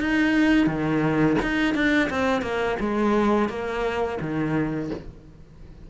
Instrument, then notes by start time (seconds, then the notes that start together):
cello
0.00 D#4
0.67 D#3
1.42 D#4
1.74 D4
2.10 C4
2.42 A#3
2.80 G#3
3.49 A#3
4.20 D#3